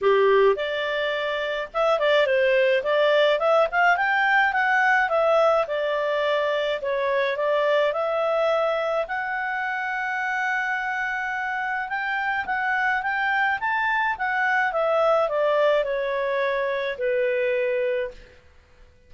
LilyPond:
\new Staff \with { instrumentName = "clarinet" } { \time 4/4 \tempo 4 = 106 g'4 d''2 e''8 d''8 | c''4 d''4 e''8 f''8 g''4 | fis''4 e''4 d''2 | cis''4 d''4 e''2 |
fis''1~ | fis''4 g''4 fis''4 g''4 | a''4 fis''4 e''4 d''4 | cis''2 b'2 | }